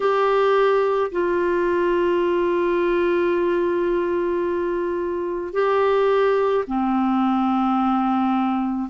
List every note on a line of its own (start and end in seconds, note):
0.00 1.11 G4
1.11 5.53 F4
5.53 6.64 G4
6.67 8.89 C4